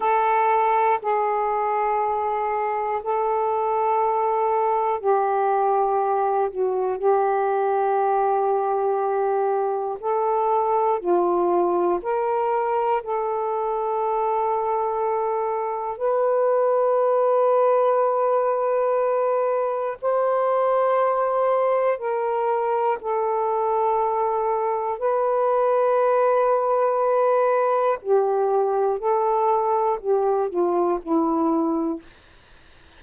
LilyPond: \new Staff \with { instrumentName = "saxophone" } { \time 4/4 \tempo 4 = 60 a'4 gis'2 a'4~ | a'4 g'4. fis'8 g'4~ | g'2 a'4 f'4 | ais'4 a'2. |
b'1 | c''2 ais'4 a'4~ | a'4 b'2. | g'4 a'4 g'8 f'8 e'4 | }